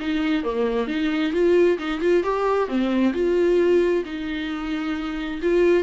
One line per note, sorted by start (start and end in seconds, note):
0.00 0.44 D#4
0.44 0.88 A#3
0.88 1.33 D#4
1.33 1.78 F4
1.78 2.01 D#4
2.01 2.23 F4
2.24 2.68 G4
2.68 3.13 C4
3.14 4.04 F4
4.05 5.41 D#4
5.42 5.83 F4